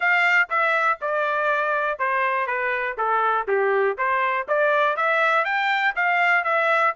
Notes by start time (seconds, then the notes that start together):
0.00 F5
0.49 E5
1.01 D5
1.98 C5
2.47 B4
2.97 A4
3.47 G4
3.97 C5
4.48 D5
4.96 E5
5.44 G5
5.95 F5
6.44 E5